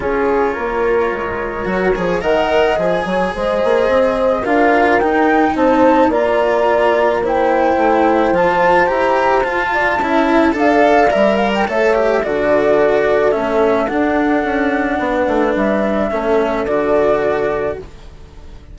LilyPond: <<
  \new Staff \with { instrumentName = "flute" } { \time 4/4 \tempo 4 = 108 cis''1 | fis''4 gis''4 dis''2 | f''4 g''4 a''4 ais''4~ | ais''4 g''2 a''4 |
ais''4 a''2 f''4 | e''8 f''16 g''16 e''4 d''2 | e''4 fis''2. | e''2 d''2 | }
  \new Staff \with { instrumentName = "horn" } { \time 4/4 gis'4 ais'2. | dis''4. cis''8 c''2 | ais'2 c''4 d''4~ | d''4 c''2.~ |
c''4. d''8 e''4 d''4~ | d''4 cis''4 a'2~ | a'2. b'4~ | b'4 a'2. | }
  \new Staff \with { instrumentName = "cello" } { \time 4/4 f'2. fis'8 gis'8 | ais'4 gis'2. | f'4 dis'2 f'4~ | f'4 e'2 f'4 |
g'4 f'4 e'4 a'4 | ais'4 a'8 g'8 fis'2 | cis'4 d'2.~ | d'4 cis'4 fis'2 | }
  \new Staff \with { instrumentName = "bassoon" } { \time 4/4 cis'4 ais4 gis4 fis8 f8 | dis4 f8 fis8 gis8 ais8 c'4 | d'4 dis'4 c'4 ais4~ | ais2 a4 f4 |
e'4 f'4 cis'4 d'4 | g4 a4 d2 | a4 d'4 cis'4 b8 a8 | g4 a4 d2 | }
>>